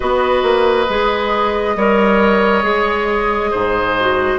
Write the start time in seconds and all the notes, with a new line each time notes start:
0.00 B3 F#4 B4 D#5
0.42 A#3
0.89 G#3 G#4
1.76 G3 A#4 C#5
2.62 G#3 G#4
3.51 G#2 C5
3.99 F#4